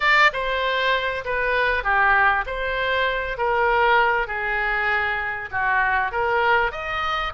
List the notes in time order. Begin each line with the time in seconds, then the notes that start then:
0.00 D5
0.32 C5
1.24 B4
1.83 G4
2.46 C5
3.37 A#4
4.27 G#4
5.51 F#4
6.11 A#4
6.71 D#5